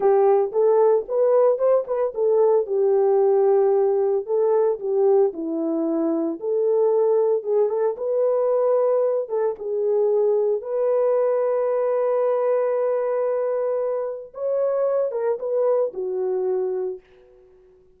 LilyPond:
\new Staff \with { instrumentName = "horn" } { \time 4/4 \tempo 4 = 113 g'4 a'4 b'4 c''8 b'8 | a'4 g'2. | a'4 g'4 e'2 | a'2 gis'8 a'8 b'4~ |
b'4. a'8 gis'2 | b'1~ | b'2. cis''4~ | cis''8 ais'8 b'4 fis'2 | }